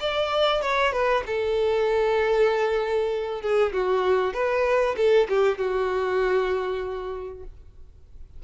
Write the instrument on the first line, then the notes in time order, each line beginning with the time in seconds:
violin
0.00 D5
0.62 C#5
0.93 B4
1.27 A4
3.42 G#4
3.73 F#4
4.34 B4
4.97 A4
5.29 G4
5.58 F#4